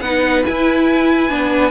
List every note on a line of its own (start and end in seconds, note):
0.00 0.43 B3
0.00 0.45 D#4
0.00 1.71 B4
0.00 0.43 F#5
0.45 1.29 E4
0.45 1.30 E4
0.45 1.71 G#5
1.29 1.71 B3
1.29 1.71 D4